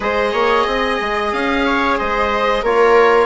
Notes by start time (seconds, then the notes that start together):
0.00 G#3 G#4 C5 D#5
0.32 A#3 C#5
0.66 C4 D#5
1.00 G#3
1.32 C#4 F5
1.65 C#5
1.97 G#3 C5 D#5
2.62 A#3 F4 A#4 C#5